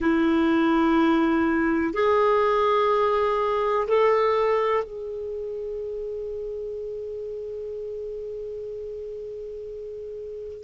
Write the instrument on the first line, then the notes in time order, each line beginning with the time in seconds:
clarinet
0.00 E4
1.93 G#4
3.87 A4
4.84 G#4